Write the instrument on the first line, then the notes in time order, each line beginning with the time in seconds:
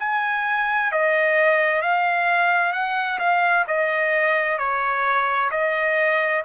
trumpet
0.00 G#5
0.92 D#5
1.82 F5
2.73 F#5
3.19 F5
3.68 D#5
4.58 C#5
5.51 D#5